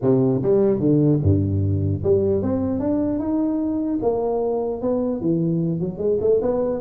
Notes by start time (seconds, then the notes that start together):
0.02 C3
0.42 G3
0.79 D3
1.23 G2
2.03 G3
2.42 C4
2.79 D4
3.19 D#4
4.02 A#3
4.81 B3
5.20 E3
5.80 F#3
5.98 G#3
6.21 A3
6.41 B3